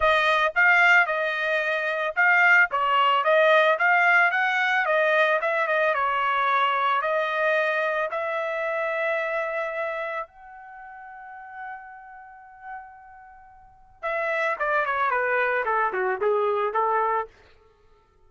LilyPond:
\new Staff \with { instrumentName = "trumpet" } { \time 4/4 \tempo 4 = 111 dis''4 f''4 dis''2 | f''4 cis''4 dis''4 f''4 | fis''4 dis''4 e''8 dis''8 cis''4~ | cis''4 dis''2 e''4~ |
e''2. fis''4~ | fis''1~ | fis''2 e''4 d''8 cis''8 | b'4 a'8 fis'8 gis'4 a'4 | }